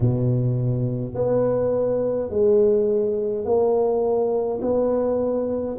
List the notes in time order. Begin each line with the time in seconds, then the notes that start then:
0.00 B2
1.14 B3
2.30 G#3
3.44 A#3
4.62 B3